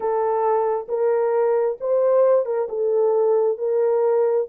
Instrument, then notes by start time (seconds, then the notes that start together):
horn
0.00 A4
0.88 A#4
1.80 C5
2.45 A#4
2.68 A4
3.58 A#4